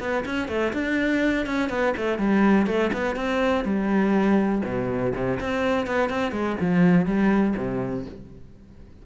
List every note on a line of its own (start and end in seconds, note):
0.00 0.24 B3
0.26 0.48 C#4
0.48 0.73 A3
0.73 1.46 D4
1.47 1.70 C#4
1.70 1.94 B3
1.97 2.19 A3
2.19 2.67 G3
2.67 2.91 A3
2.93 3.16 B3
3.16 3.65 C4
3.65 4.63 G3
4.65 5.14 B2
5.15 5.39 C3
5.40 5.87 C4
5.87 6.10 B3
6.10 6.32 C4
6.32 6.57 G#3
6.61 7.06 F3
7.06 7.55 G3
7.57 8.06 C3